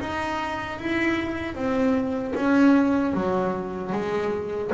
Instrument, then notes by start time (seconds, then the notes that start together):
double bass
0.00 D#4
0.79 E4
1.54 C4
2.35 C#4
3.13 F#3
3.92 G#3